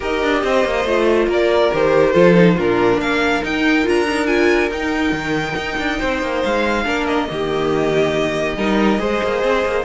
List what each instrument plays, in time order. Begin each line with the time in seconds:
0.00 cello D#4, viola G4, violin A#4 D#5
0.22 cello D4
0.43 cello C4, violin C5
0.64 cello A#3
0.84 cello A3, viola F4
1.27 cello A#3, violin A#4 D5
1.72 cello D#3, viola G4, violin C5
2.12 cello F3, viola F4, violin A4
2.34 viola D#4
2.55 cello A#2, viola D4, violin F4 A#4
2.97 cello A#3, violin A#4 F5
3.42 viola D#4, cello D#4, violin G5
3.83 cello D4, viola F4, violin A#5
4.09 viola D#4
4.26 viola F4, violin G#5
4.70 cello D#4, viola D#4, violin G5
5.12 cello D#3
5.56 cello D#4
5.78 cello D4
5.98 cello C4, violin C5
6.22 cello A#3
6.43 cello G#3, violin F5
6.84 cello A#3, viola D4, violin A#4
7.06 violin D#5
7.27 cello D#3, viola A#3, violin G4
8.56 cello G3, viola D#4, violin A#4
8.98 cello G#3, viola G#4, violin C5
9.23 cello A#3
9.43 cello C4
9.65 cello A#3